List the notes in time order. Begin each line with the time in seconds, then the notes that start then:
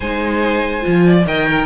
0.00 G#3 D#4 C5 G#5
0.81 F3 F4
1.06 D5
1.26 D#3 A#4 D#5 G5
1.48 A#4